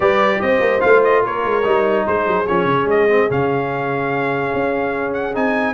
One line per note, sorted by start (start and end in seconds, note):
0.00 0.41 G3
0.00 0.80 G4
0.00 0.40 B4
0.00 0.41 D5
0.41 0.60 C4
0.41 1.22 C5
0.41 0.80 D#5
0.60 0.80 A#3
0.80 1.25 A3
0.80 1.62 F4
0.80 1.01 F5
1.04 1.24 D#5
1.22 1.44 A#3
1.22 2.05 A#4
1.22 2.06 C#5
1.44 1.65 G#3
1.63 2.06 G3
1.63 2.45 D#4
2.06 2.27 G#3
2.06 5.74 G#4
2.06 2.46 C5
2.27 2.47 F#3
2.46 2.65 F3
2.46 3.08 C#4
2.46 2.87 C#5
2.65 2.85 C#3
2.85 3.26 G#3
2.85 3.31 D#5
3.08 3.29 C4
3.29 4.53 C#3
3.29 5.33 C#4
3.29 5.13 F5
4.54 5.35 C#4
5.13 5.34 F#5
5.33 5.74 C4
5.33 5.74 D#4
5.33 5.74 G#5